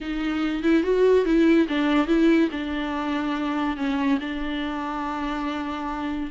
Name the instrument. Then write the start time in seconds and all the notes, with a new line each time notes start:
viola
0.00 D#4
0.62 E4
0.83 F#4
1.25 E4
1.68 D4
2.07 E4
2.51 D4
3.76 C#4
4.20 D4